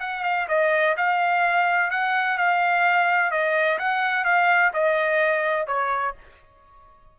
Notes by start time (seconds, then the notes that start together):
0.00 F#5
0.24 F5
0.49 D#5
0.97 F5
1.91 F#5
2.38 F5
3.31 D#5
3.79 F#5
4.25 F5
4.74 D#5
5.67 C#5